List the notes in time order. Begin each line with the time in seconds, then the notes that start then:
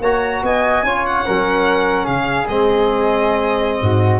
0.00 A#3 F#4 C#5 A#5
0.43 B3 D#5 G#5
0.82 C#4 F4 C#5
1.06 F#5
1.25 F#3 C#4 A#4
2.04 C#3 G#4 F5
2.47 G#3 C4 D#5
3.81 G#2 F#4